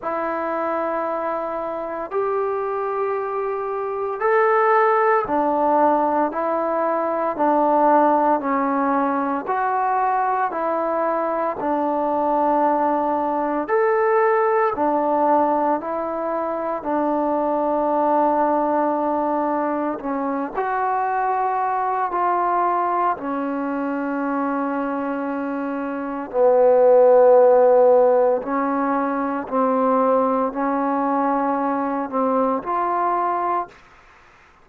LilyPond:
\new Staff \with { instrumentName = "trombone" } { \time 4/4 \tempo 4 = 57 e'2 g'2 | a'4 d'4 e'4 d'4 | cis'4 fis'4 e'4 d'4~ | d'4 a'4 d'4 e'4 |
d'2. cis'8 fis'8~ | fis'4 f'4 cis'2~ | cis'4 b2 cis'4 | c'4 cis'4. c'8 f'4 | }